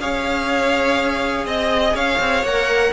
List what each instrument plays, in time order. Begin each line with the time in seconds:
0.00 cello C#4, viola G#4, violin C#5 F5
1.45 cello C4, violin D#5
1.93 cello C#4, violin C#5 F5
2.19 cello C4
2.43 cello A#3, viola A#4, violin F#5